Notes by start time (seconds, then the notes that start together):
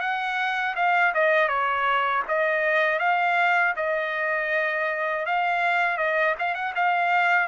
0.00 F#5
0.76 F5
1.15 D#5
1.48 C#5
2.28 D#5
2.99 F5
3.76 D#5
5.26 F5
5.98 D#5
6.39 F5
6.55 F#5
6.76 F5